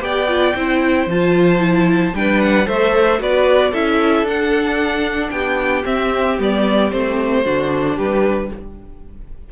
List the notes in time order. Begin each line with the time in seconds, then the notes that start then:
0.00 B3 G4 D5 G5
0.28 F4
0.55 C4 E4 C5
1.06 F3 F4 A5
1.59 E4
2.13 G3 D4 B4 G5
2.41 F#5
2.65 A3 A4 C5 E5
3.18 B3 F#4 B4 D5
3.71 C#4 E4 A4 E5
4.23 D4 F#5
5.30 B3 G4 G5
5.83 C4 E5
6.39 G3 B3 D5
6.91 A3 C4 C5
7.44 D3 D4 F#4
7.96 G3 G4 B4